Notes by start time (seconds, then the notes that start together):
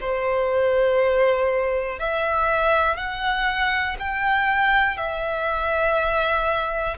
0.00 C5
1.99 E5
2.96 F#5
3.99 G5
4.97 E5